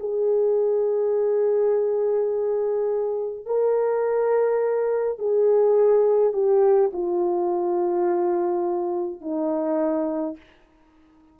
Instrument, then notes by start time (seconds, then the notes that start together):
horn
0.00 G#4
3.46 A#4
5.19 G#4
6.34 G4
6.93 F4
9.22 D#4